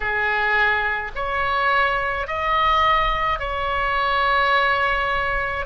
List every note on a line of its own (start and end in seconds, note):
0.00 1.11 G#4
1.15 2.27 C#5
2.27 3.39 D#5
3.39 5.66 C#5